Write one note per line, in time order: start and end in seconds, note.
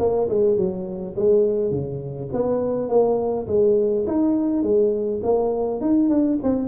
0.00 0.29 A#3
0.29 0.57 G#3
0.57 1.15 F#3
1.17 1.71 G#3
1.71 2.30 C#3
2.33 2.89 B3
2.89 3.47 A#3
3.48 4.06 G#3
4.07 4.63 D#4
4.63 5.21 G#3
5.23 5.81 A#3
5.81 6.10 D#4
6.10 6.39 D4
6.43 6.69 C4